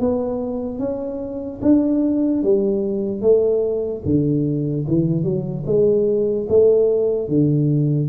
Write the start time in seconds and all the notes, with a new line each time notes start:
0.00 B3
0.79 C#4
1.62 D4
2.43 G3
3.22 A3
4.05 D3
4.88 E3
5.24 F#3
5.66 G#3
6.49 A3
7.28 D3